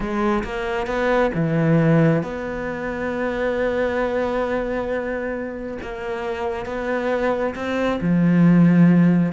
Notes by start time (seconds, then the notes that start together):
0.00 G#3
0.44 A#3
0.86 B3
1.34 E3
2.22 B3
5.82 A#3
6.65 B3
7.55 C4
8.01 F3